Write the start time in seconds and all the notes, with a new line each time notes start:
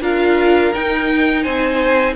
0.00 D4 F4 A#4 F5
0.73 D#4 G5
1.42 C4 C5 G#5